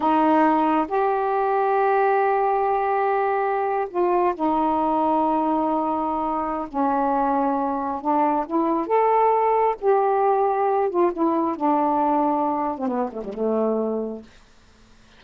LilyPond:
\new Staff \with { instrumentName = "saxophone" } { \time 4/4 \tempo 4 = 135 dis'2 g'2~ | g'1~ | g'8. f'4 dis'2~ dis'16~ | dis'2. cis'4~ |
cis'2 d'4 e'4 | a'2 g'2~ | g'8 f'8 e'4 d'2~ | d'8. c'16 b8 a16 g16 a2 | }